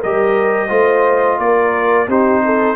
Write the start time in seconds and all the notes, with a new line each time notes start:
0.00 G3 G4 A#4 D#5
0.69 A3 F4 C5
1.39 A#3 A#4 D5
2.08 C4 D#4 G4 C5
2.46 A4